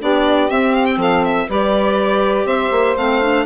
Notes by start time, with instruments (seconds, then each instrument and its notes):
0.00 bassoon B3, clarinet D4, saxophone G4, violin D5
0.50 clarinet C4, bassoon C4, violin E5
0.75 violin F5
0.85 violin G5
0.97 bassoon F3, saxophone A4, violin F5
1.25 violin E5
1.48 bassoon G3, clarinet G4, saxophone B4, violin D5
2.45 bassoon C4, saxophone C5, violin E5
2.71 bassoon A#3
2.97 bassoon A3, clarinet C4, violin F5
3.22 clarinet D4